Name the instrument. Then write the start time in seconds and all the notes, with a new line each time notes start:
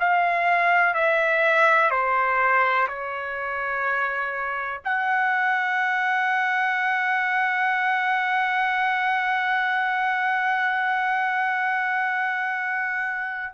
trumpet
0.00 F5
0.95 E5
1.91 C5
2.88 C#5
4.85 F#5